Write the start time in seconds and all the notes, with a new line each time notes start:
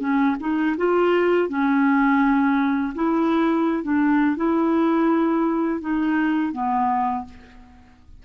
0.00 C#4
0.40 D#4
0.78 F4
1.49 C#4
2.95 E4
3.83 D4
4.37 E4
5.81 D#4
6.53 B3